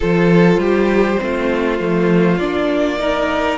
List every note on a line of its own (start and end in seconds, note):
0.00 0.57 F3
0.00 1.18 F4
0.00 0.59 A4
0.00 2.37 C5
0.57 1.17 G3
0.57 1.20 G4
1.18 1.79 A3
1.18 1.78 C4
1.18 2.99 F4
1.79 2.40 F3
1.79 2.39 A3
2.37 3.58 A#3
2.37 2.98 D4
2.37 3.57 D5
2.98 3.58 D#4
2.98 3.58 A#4